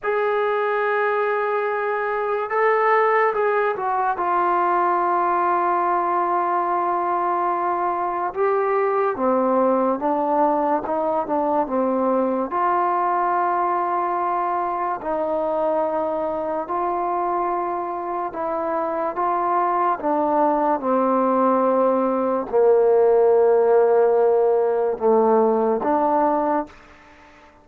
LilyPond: \new Staff \with { instrumentName = "trombone" } { \time 4/4 \tempo 4 = 72 gis'2. a'4 | gis'8 fis'8 f'2.~ | f'2 g'4 c'4 | d'4 dis'8 d'8 c'4 f'4~ |
f'2 dis'2 | f'2 e'4 f'4 | d'4 c'2 ais4~ | ais2 a4 d'4 | }